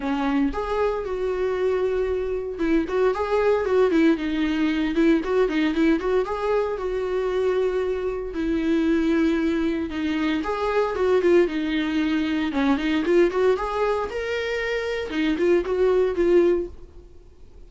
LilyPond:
\new Staff \with { instrumentName = "viola" } { \time 4/4 \tempo 4 = 115 cis'4 gis'4 fis'2~ | fis'4 e'8 fis'8 gis'4 fis'8 e'8 | dis'4. e'8 fis'8 dis'8 e'8 fis'8 | gis'4 fis'2. |
e'2. dis'4 | gis'4 fis'8 f'8 dis'2 | cis'8 dis'8 f'8 fis'8 gis'4 ais'4~ | ais'4 dis'8 f'8 fis'4 f'4 | }